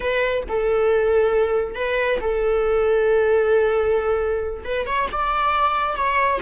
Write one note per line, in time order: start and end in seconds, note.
0.00 0.43 B4
0.48 1.75 A4
1.75 2.19 B4
2.21 4.63 A4
4.64 4.86 B4
4.86 5.08 C#5
5.12 5.96 D5
5.96 6.40 C#5